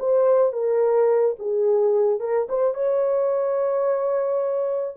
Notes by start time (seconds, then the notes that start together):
0.00 C5
0.53 A#4
1.39 G#4
2.20 A#4
2.49 C5
2.74 C#5